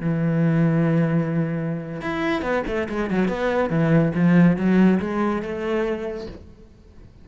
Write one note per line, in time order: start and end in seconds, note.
0.00 2.01 E3
2.01 2.41 E4
2.41 2.63 B3
2.67 2.88 A3
2.89 3.10 G#3
3.10 3.28 F#3
3.28 3.69 B3
3.69 4.12 E3
4.15 4.56 F3
4.56 4.99 F#3
5.00 5.42 G#3
5.42 6.27 A3